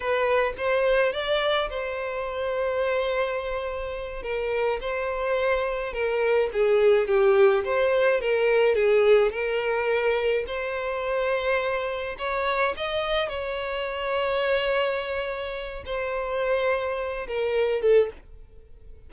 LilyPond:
\new Staff \with { instrumentName = "violin" } { \time 4/4 \tempo 4 = 106 b'4 c''4 d''4 c''4~ | c''2.~ c''8 ais'8~ | ais'8 c''2 ais'4 gis'8~ | gis'8 g'4 c''4 ais'4 gis'8~ |
gis'8 ais'2 c''4.~ | c''4. cis''4 dis''4 cis''8~ | cis''1 | c''2~ c''8 ais'4 a'8 | }